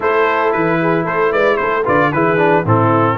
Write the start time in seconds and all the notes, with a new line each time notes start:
0.00 A3 E4 A4 C5
0.52 E3 B4
0.80 G#4
1.04 A3 A4 C5
1.31 G#3 B4 D5
1.56 A3 A4 C5
1.83 D3 F4 B4 D5
2.12 E3 E4 G#4 B4
2.37 D4
2.64 A2 C4 E4 A4